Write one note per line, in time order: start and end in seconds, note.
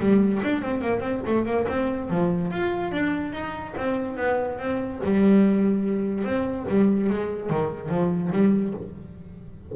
0.00 0.42 G3
0.44 0.62 D4
0.62 0.82 C4
0.82 1.00 A#3
1.00 1.21 C4
1.27 1.46 A3
1.46 1.67 A#3
1.69 2.10 C4
2.10 2.52 F3
2.52 2.92 F4
2.92 3.33 D4
3.33 3.75 D#4
3.77 4.18 C4
4.18 4.59 B3
4.59 5.01 C4
5.04 6.25 G3
6.25 6.66 C4
6.69 7.10 G3
7.10 7.50 G#3
7.50 7.90 D#3
7.90 8.31 F3
8.33 8.74 G3